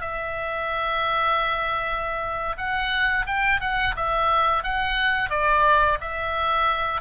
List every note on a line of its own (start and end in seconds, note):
0.00 2.56 E5
2.57 3.25 F#5
3.26 3.60 G5
3.60 3.95 F#5
3.96 4.63 E5
4.63 5.30 F#5
5.30 5.98 D5
6.00 7.01 E5